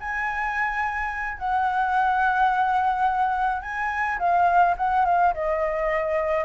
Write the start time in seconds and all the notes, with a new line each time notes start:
0.00 G#5
1.38 F#5
3.62 G#5
4.19 F5
4.77 F#5
5.05 F5
5.34 D#5